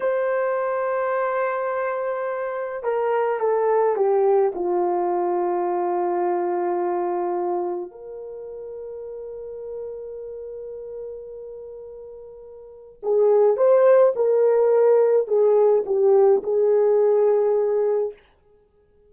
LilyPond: \new Staff \with { instrumentName = "horn" } { \time 4/4 \tempo 4 = 106 c''1~ | c''4 ais'4 a'4 g'4 | f'1~ | f'2 ais'2~ |
ais'1~ | ais'2. gis'4 | c''4 ais'2 gis'4 | g'4 gis'2. | }